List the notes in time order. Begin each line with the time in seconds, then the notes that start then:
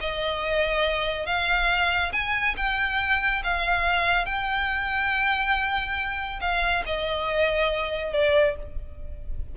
0.00 D#5
1.26 F5
2.12 G#5
2.57 G5
3.43 F5
4.25 G5
6.41 F5
6.86 D#5
8.13 D5